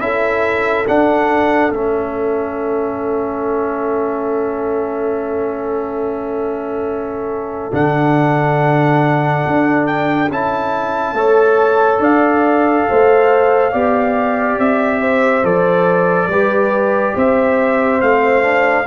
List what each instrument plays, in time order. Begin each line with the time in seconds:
0.00 tuba C#4, trombone E4, horn A4, trumpet E5
0.88 tuba D4, trombone D4, trumpet F#5
1.71 tuba A3, trombone C#4, trumpet E5
7.72 tuba D3, trombone D4, trumpet F#5
9.46 tuba D4
9.87 trumpet G5
10.30 tuba C#4, trombone E4, trumpet A5
11.13 tuba A3, trombone A4, horn C#5
11.99 tuba D4, horn D5, trumpet F5
12.89 tuba A3, horn C5
13.72 tuba B3, trombone G4, horn D5
14.58 tuba C4, trumpet E5
15.01 horn C5
15.43 tuba F3, trombone A4, trumpet D5
16.28 tuba G3, trombone G4, horn B4
17.15 tuba C4, horn C5, trumpet E5
18.01 tuba A3, trombone C4, trumpet F5
18.42 trombone D4